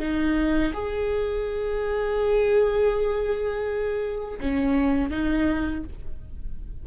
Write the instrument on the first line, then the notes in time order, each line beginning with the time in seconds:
viola
0.00 D#4
0.74 G#4
4.41 C#4
5.11 D#4